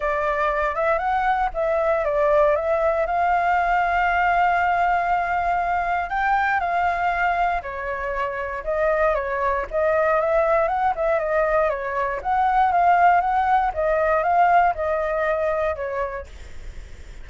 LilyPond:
\new Staff \with { instrumentName = "flute" } { \time 4/4 \tempo 4 = 118 d''4. e''8 fis''4 e''4 | d''4 e''4 f''2~ | f''1 | g''4 f''2 cis''4~ |
cis''4 dis''4 cis''4 dis''4 | e''4 fis''8 e''8 dis''4 cis''4 | fis''4 f''4 fis''4 dis''4 | f''4 dis''2 cis''4 | }